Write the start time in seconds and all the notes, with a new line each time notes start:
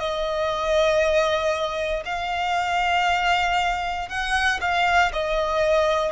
0.00 D#5
2.06 F5
4.09 F#5
4.61 F5
5.13 D#5